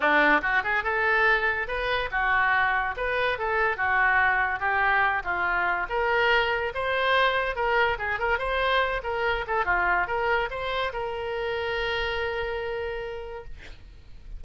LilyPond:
\new Staff \with { instrumentName = "oboe" } { \time 4/4 \tempo 4 = 143 d'4 fis'8 gis'8 a'2 | b'4 fis'2 b'4 | a'4 fis'2 g'4~ | g'8 f'4. ais'2 |
c''2 ais'4 gis'8 ais'8 | c''4. ais'4 a'8 f'4 | ais'4 c''4 ais'2~ | ais'1 | }